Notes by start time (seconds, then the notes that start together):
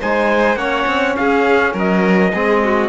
0.00 G#3 D#4 C5 G#5
0.55 A#3 C#4 C#5 F#5
0.86 C4
1.16 C#4 G#4 F5
1.73 F#3 A#4 D#5
2.33 G#3 C4 G#4
2.64 F#4